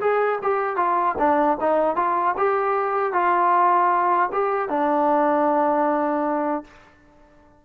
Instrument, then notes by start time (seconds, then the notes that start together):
trombone
0.00 G#4
0.42 G4
0.76 F4
1.18 D4
1.60 D#4
1.96 F4
2.37 G4
3.12 F4
4.32 G4
4.69 D4